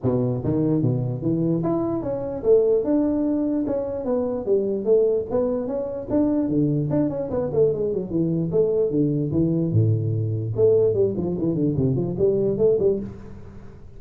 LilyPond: \new Staff \with { instrumentName = "tuba" } { \time 4/4 \tempo 4 = 148 b,4 dis4 b,4 e4 | e'4 cis'4 a4 d'4~ | d'4 cis'4 b4 g4 | a4 b4 cis'4 d'4 |
d4 d'8 cis'8 b8 a8 gis8 fis8 | e4 a4 d4 e4 | a,2 a4 g8 f8 | e8 d8 c8 f8 g4 a8 g8 | }